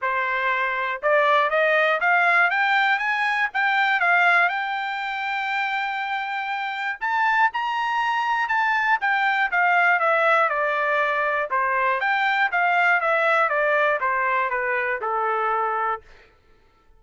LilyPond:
\new Staff \with { instrumentName = "trumpet" } { \time 4/4 \tempo 4 = 120 c''2 d''4 dis''4 | f''4 g''4 gis''4 g''4 | f''4 g''2.~ | g''2 a''4 ais''4~ |
ais''4 a''4 g''4 f''4 | e''4 d''2 c''4 | g''4 f''4 e''4 d''4 | c''4 b'4 a'2 | }